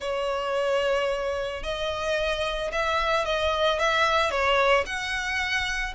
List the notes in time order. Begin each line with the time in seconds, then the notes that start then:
0.00 C#5
1.63 D#5
2.71 E5
3.25 D#5
3.79 E5
4.30 C#5
4.86 F#5